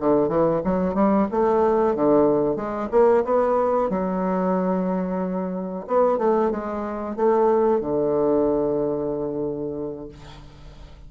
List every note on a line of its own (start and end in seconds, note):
0.00 0.29 D3
0.29 0.61 E3
0.65 0.95 F#3
0.95 1.27 G3
1.32 1.95 A3
1.95 2.56 D3
2.56 2.89 G#3
2.92 3.24 A#3
3.25 3.90 B3
3.90 5.86 F#3
5.88 6.18 B3
6.18 6.51 A3
6.51 7.16 G#3
7.16 7.81 A3
7.81 10.09 D3